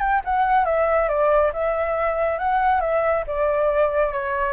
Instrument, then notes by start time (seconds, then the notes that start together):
flute
0.00 G5
0.25 F#5
0.65 E5
1.08 D5
1.53 E5
2.39 F#5
2.81 E5
3.27 D5
4.13 C#5